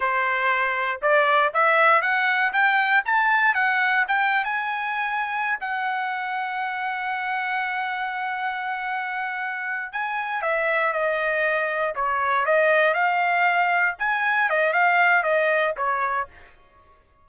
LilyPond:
\new Staff \with { instrumentName = "trumpet" } { \time 4/4 \tempo 4 = 118 c''2 d''4 e''4 | fis''4 g''4 a''4 fis''4 | g''8. gis''2~ gis''16 fis''4~ | fis''1~ |
fis''2.~ fis''8 gis''8~ | gis''8 e''4 dis''2 cis''8~ | cis''8 dis''4 f''2 gis''8~ | gis''8 dis''8 f''4 dis''4 cis''4 | }